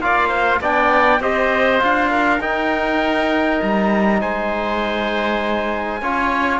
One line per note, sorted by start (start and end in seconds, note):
0.00 0.60 A#3
0.00 0.62 F4
0.00 0.29 D5
0.00 0.62 F5
0.29 0.59 C5
0.61 1.20 B3
0.61 1.21 D4
0.61 1.22 D5
0.61 1.23 G5
1.20 1.80 C4
1.20 1.79 G4
1.20 2.11 C5
1.20 1.83 D#5
1.79 2.40 D4
1.79 2.39 F4
1.79 2.42 F5
2.11 4.21 A#4
2.40 3.60 D#4
2.40 6.01 D#4
2.40 3.62 G5
3.62 4.22 G3
3.62 4.21 A#5
4.21 6.02 G#3
4.21 6.01 C5
4.21 6.60 G#5
6.02 6.60 C#4
6.02 6.60 F4
6.02 6.60 C#5